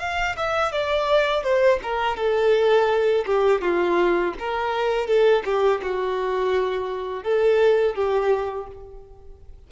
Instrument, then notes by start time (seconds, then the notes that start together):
violin
0.00 F5
0.37 E5
0.72 D5
1.44 C5
1.83 A#4
2.17 A4
3.26 G4
3.62 F4
4.39 A#4
5.08 A4
5.45 G4
5.83 F#4
7.24 A4
7.95 G4